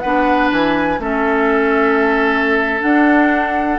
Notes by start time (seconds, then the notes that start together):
0.00 B3 D4 B4 F#5
0.51 E3 G#5
0.99 A3 C#4 A4 E5
2.80 D4 F#5